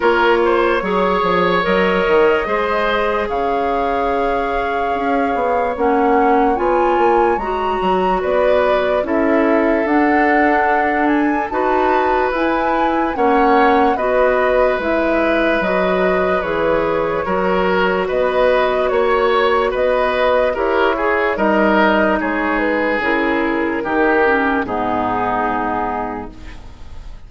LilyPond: <<
  \new Staff \with { instrumentName = "flute" } { \time 4/4 \tempo 4 = 73 cis''2 dis''2 | f''2. fis''4 | gis''4 ais''4 d''4 e''4 | fis''4. gis''8 a''4 gis''4 |
fis''4 dis''4 e''4 dis''4 | cis''2 dis''4 cis''4 | dis''4 cis''4 dis''4 cis''8 b'8 | ais'2 gis'2 | }
  \new Staff \with { instrumentName = "oboe" } { \time 4/4 ais'8 c''8 cis''2 c''4 | cis''1~ | cis''2 b'4 a'4~ | a'2 b'2 |
cis''4 b'2.~ | b'4 ais'4 b'4 cis''4 | b'4 ais'8 gis'8 ais'4 gis'4~ | gis'4 g'4 dis'2 | }
  \new Staff \with { instrumentName = "clarinet" } { \time 4/4 f'4 gis'4 ais'4 gis'4~ | gis'2. cis'4 | f'4 fis'2 e'4 | d'2 fis'4 e'4 |
cis'4 fis'4 e'4 fis'4 | gis'4 fis'2.~ | fis'4 g'8 gis'8 dis'2 | e'4 dis'8 cis'8 b2 | }
  \new Staff \with { instrumentName = "bassoon" } { \time 4/4 ais4 fis8 f8 fis8 dis8 gis4 | cis2 cis'8 b8 ais4 | b8 ais8 gis8 fis8 b4 cis'4 | d'2 dis'4 e'4 |
ais4 b4 gis4 fis4 | e4 fis4 b4 ais4 | b4 e'4 g4 gis4 | cis4 dis4 gis,2 | }
>>